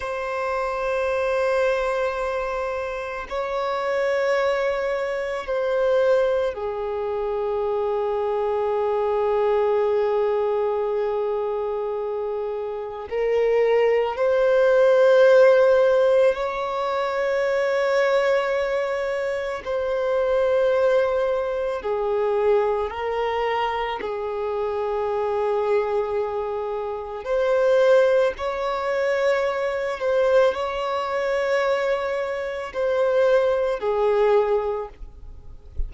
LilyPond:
\new Staff \with { instrumentName = "violin" } { \time 4/4 \tempo 4 = 55 c''2. cis''4~ | cis''4 c''4 gis'2~ | gis'1 | ais'4 c''2 cis''4~ |
cis''2 c''2 | gis'4 ais'4 gis'2~ | gis'4 c''4 cis''4. c''8 | cis''2 c''4 gis'4 | }